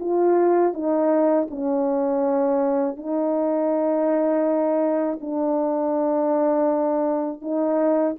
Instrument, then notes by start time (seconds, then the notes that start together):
horn
0.00 F4
0.74 D#4
1.50 C#4
2.97 D#4
5.21 D4
7.42 D#4